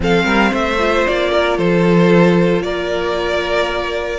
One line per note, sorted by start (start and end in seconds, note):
0.00 0.24 F3
0.00 0.76 C4
0.00 0.24 A4
0.00 0.54 F5
0.24 0.51 G3
0.24 0.50 A#4
0.51 1.06 A3
0.51 1.30 C5
0.51 1.06 E5
0.78 4.19 F4
1.06 1.58 A#3
1.06 1.58 D5
1.32 1.57 A#4
1.57 2.63 F3
1.57 2.62 A4
1.57 2.62 C5
2.62 4.19 A#3
2.62 4.19 A#4
2.62 4.19 D5